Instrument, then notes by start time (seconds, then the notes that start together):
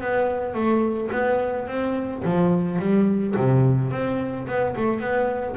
double bass
0.00 B3
0.54 A3
1.11 B3
1.67 C4
2.24 F3
2.79 G3
3.36 C3
3.91 C4
4.47 B3
4.76 A3
5.00 B3